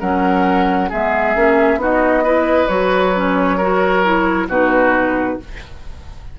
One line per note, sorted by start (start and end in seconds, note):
0.00 0.91 F#3
0.00 0.91 C#4
0.00 0.90 A#4
0.00 0.90 F#5
0.90 1.36 G#3
0.90 1.36 B3
0.90 1.79 G#4
0.90 1.82 E5
1.36 1.77 A#3
1.36 1.79 C#4
1.77 2.67 B3
1.77 2.24 D#4
1.77 2.24 F#4
1.77 2.68 D#5
2.24 2.69 E4
2.24 3.58 B4
2.68 4.49 F#3
2.68 3.14 F#4
2.68 4.48 C#5
3.15 3.60 C#4
3.58 4.04 F#4
3.58 4.47 A#4
4.04 4.49 E4
4.49 5.38 B2
4.49 5.40 D#4
4.49 5.39 F#4
4.49 5.40 B4